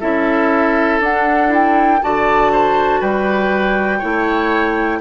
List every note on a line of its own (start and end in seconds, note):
0.00 1.00 C#4
0.00 1.01 E4
0.00 2.01 A4
0.00 1.00 E5
1.00 2.00 D4
1.00 1.49 D4
1.00 1.53 F#5
1.49 1.99 E4
1.49 2.03 G5
2.02 3.01 D3
2.02 4.01 F#4
2.02 2.52 D5
2.02 3.02 A5
2.52 3.00 C5
3.00 4.01 G3
3.00 3.99 B4
3.00 5.01 G5
3.99 5.01 A3
3.99 5.01 E4
3.99 4.99 C#5